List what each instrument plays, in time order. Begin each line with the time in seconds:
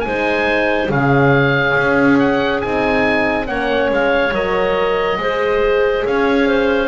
0.00 double bass G#3, horn D#4, clarinet C5, oboe G#5
0.89 double bass C#3, horn C#4, clarinet G#4, oboe F5
1.77 double bass C#4
2.19 oboe F#5
2.61 double bass C4, horn D#4, oboe G#5
3.45 double bass A#3, horn C#4, clarinet C#5, oboe F#5
3.90 double bass G#3, oboe F5
4.31 double bass F#3, horn A#4, oboe D#5
5.17 double bass G#3, horn G#4, clarinet C5
6.05 double bass C#4, clarinet C#5, oboe F5
6.47 clarinet C5